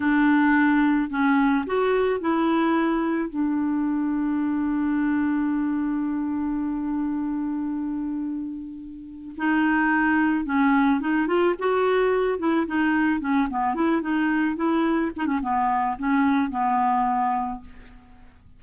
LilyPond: \new Staff \with { instrumentName = "clarinet" } { \time 4/4 \tempo 4 = 109 d'2 cis'4 fis'4 | e'2 d'2~ | d'1~ | d'1~ |
d'4 dis'2 cis'4 | dis'8 f'8 fis'4. e'8 dis'4 | cis'8 b8 e'8 dis'4 e'4 dis'16 cis'16 | b4 cis'4 b2 | }